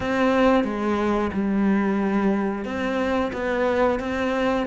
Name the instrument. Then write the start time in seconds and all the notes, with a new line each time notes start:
cello
0.00 C4
0.64 G#3
1.32 G3
2.65 C4
3.32 B3
3.99 C4